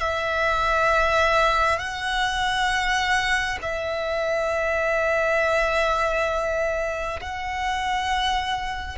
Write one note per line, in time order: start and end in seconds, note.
0.00 1.79 E5
1.79 3.58 F#5
3.61 7.20 E5
7.21 8.98 F#5